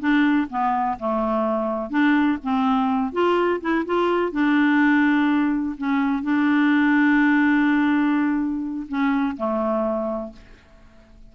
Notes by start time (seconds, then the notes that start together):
0.00 D4
0.50 B3
0.99 A3
1.90 D4
2.43 C4
3.13 F4
3.61 E4
3.86 F4
4.32 D4
5.78 C#4
6.23 D4
8.89 C#4
9.37 A3